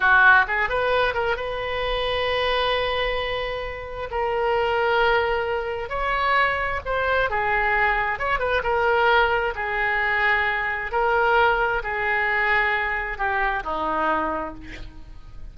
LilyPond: \new Staff \with { instrumentName = "oboe" } { \time 4/4 \tempo 4 = 132 fis'4 gis'8 b'4 ais'8 b'4~ | b'1~ | b'4 ais'2.~ | ais'4 cis''2 c''4 |
gis'2 cis''8 b'8 ais'4~ | ais'4 gis'2. | ais'2 gis'2~ | gis'4 g'4 dis'2 | }